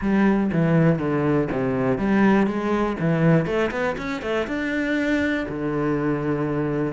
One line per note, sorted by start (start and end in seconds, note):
0.01 0.50 G3
0.52 0.98 E3
0.98 1.48 D3
1.51 1.98 C3
1.98 2.47 G3
2.47 2.96 G#3
2.99 3.46 E3
3.46 3.71 A3
3.71 3.96 B3
3.97 4.22 C#4
4.22 4.47 A3
4.47 5.46 D4
5.48 6.93 D3